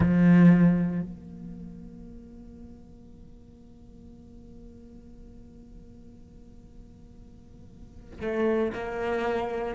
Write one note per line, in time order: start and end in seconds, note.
0.00 1.02 F3
1.02 8.20 A#3
8.21 8.72 A3
8.73 9.75 A#3